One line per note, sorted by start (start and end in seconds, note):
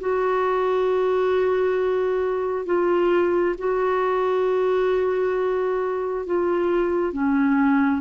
0.00 2.65 F#4
2.65 3.55 F4
3.58 6.26 F#4
6.26 7.13 F4
7.13 8.01 C#4